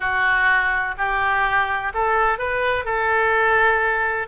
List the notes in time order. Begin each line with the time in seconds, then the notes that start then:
0.00 F#4
0.97 G4
1.94 A4
2.38 B4
2.84 A4